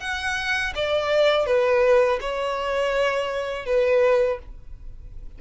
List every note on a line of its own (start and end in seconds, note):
0.00 0.73 F#5
0.75 1.46 D5
1.46 2.19 B4
2.21 3.66 C#5
3.66 4.39 B4